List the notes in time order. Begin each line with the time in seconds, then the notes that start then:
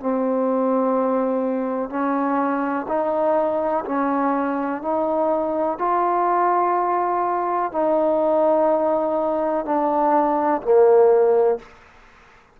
0.00 C4
1.89 C#4
2.88 D#4
3.85 C#4
4.82 D#4
5.78 F4
7.72 D#4
9.65 D4
10.62 A#3